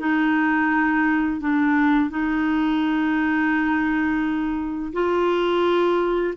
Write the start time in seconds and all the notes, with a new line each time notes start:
0.00 D#4
1.41 D4
2.10 D#4
4.93 F4